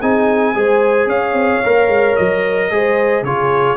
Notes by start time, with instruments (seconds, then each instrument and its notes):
0.00 tuba C4, trombone D#4, horn G#4, trumpet G#5
0.55 tuba G#3, trombone G#4, horn C5
1.06 tuba C#4, horn C#5, trumpet F5
1.33 tuba C4
1.64 tuba A#3, trombone A#4
1.87 tuba G#3
2.16 tuba F#3, trumpet D#5
2.71 tuba G#3, trombone G#4, horn C5
3.22 tuba C#3, trombone F4, horn G#4, trumpet C#5